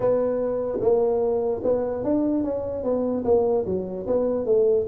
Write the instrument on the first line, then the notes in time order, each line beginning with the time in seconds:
tuba
0.00 B3
0.81 A#3
1.63 B3
2.03 D4
2.43 C#4
2.83 B3
3.24 A#3
3.65 F#3
4.07 B3
4.45 A3